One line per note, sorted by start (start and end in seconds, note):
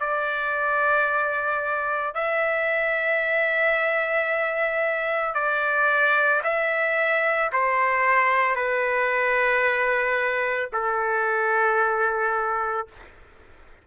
0.00 2.14 D5
2.14 5.35 E5
5.35 6.42 D5
6.44 7.51 E5
7.52 8.56 C5
8.56 10.70 B4
10.73 12.87 A4